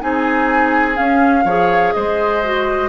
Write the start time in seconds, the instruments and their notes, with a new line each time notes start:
0.00 bassoon C4, clarinet D#4, oboe G#4, flute G#5
0.95 clarinet C#4, bassoon C#4, flute F5
1.45 bassoon F3, clarinet G#4, oboe C#5
1.93 bassoon G#3, oboe C5, flute D#5
2.44 clarinet F#4